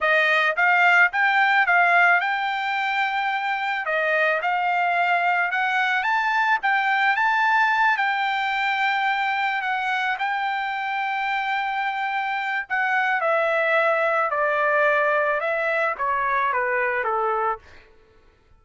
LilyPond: \new Staff \with { instrumentName = "trumpet" } { \time 4/4 \tempo 4 = 109 dis''4 f''4 g''4 f''4 | g''2. dis''4 | f''2 fis''4 a''4 | g''4 a''4. g''4.~ |
g''4. fis''4 g''4.~ | g''2. fis''4 | e''2 d''2 | e''4 cis''4 b'4 a'4 | }